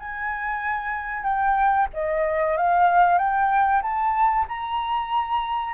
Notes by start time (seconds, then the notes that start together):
0.00 G#5
1.24 G5
1.94 D#5
2.57 F5
3.19 G5
3.82 A5
4.49 A#5